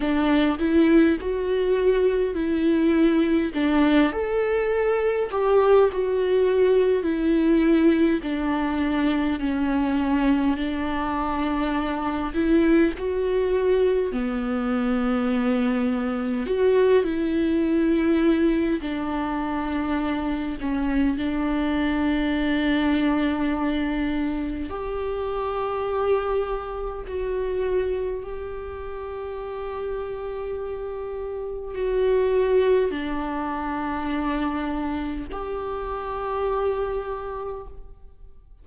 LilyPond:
\new Staff \with { instrumentName = "viola" } { \time 4/4 \tempo 4 = 51 d'8 e'8 fis'4 e'4 d'8 a'8~ | a'8 g'8 fis'4 e'4 d'4 | cis'4 d'4. e'8 fis'4 | b2 fis'8 e'4. |
d'4. cis'8 d'2~ | d'4 g'2 fis'4 | g'2. fis'4 | d'2 g'2 | }